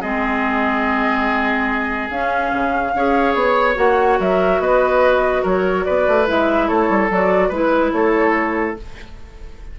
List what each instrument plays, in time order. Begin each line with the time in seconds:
0.00 bassoon G#3, clarinet C4, oboe G#4, flute D#5
2.10 bassoon C#4, clarinet C#4, flute F5
2.52 bassoon C#3
2.94 bassoon C#4, clarinet G#4, oboe C#5
3.34 bassoon B3, flute C#5
3.75 bassoon A#3, clarinet F#4, flute F#5
4.19 bassoon F#3, oboe A#4, flute E5
4.59 bassoon B3, oboe B4, flute D#5
5.42 bassoon F#3, oboe A#4, flute C#5
5.84 bassoon B3, oboe B4, flute D5
6.07 bassoon A3
6.26 bassoon G#3, clarinet E4, flute E5
6.68 bassoon A3, oboe A4, flute C#5
6.89 bassoon G3
7.10 bassoon F#3, clarinet F#4, flute D5
7.48 bassoon G#3, clarinet E4, oboe B4
7.55 flute B4
7.92 bassoon A3, oboe A4, flute C#5